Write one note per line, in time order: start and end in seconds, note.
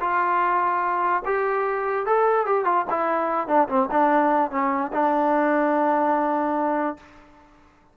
0.00 1.22 F4
1.25 2.06 G4
2.06 2.46 A4
2.46 2.64 G4
2.64 2.85 F4
2.90 3.47 E4
3.47 3.68 D4
3.68 3.88 C4
3.91 4.51 D4
4.51 4.91 C#4
4.92 6.96 D4